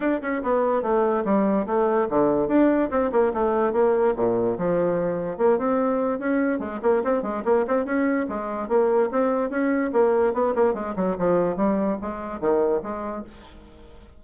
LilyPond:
\new Staff \with { instrumentName = "bassoon" } { \time 4/4 \tempo 4 = 145 d'8 cis'8 b4 a4 g4 | a4 d4 d'4 c'8 ais8 | a4 ais4 ais,4 f4~ | f4 ais8 c'4. cis'4 |
gis8 ais8 c'8 gis8 ais8 c'8 cis'4 | gis4 ais4 c'4 cis'4 | ais4 b8 ais8 gis8 fis8 f4 | g4 gis4 dis4 gis4 | }